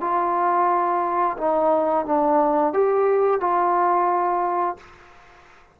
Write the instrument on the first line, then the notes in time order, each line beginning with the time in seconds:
trombone
0.00 F4
1.37 D#4
2.05 D4
2.73 G4
3.40 F4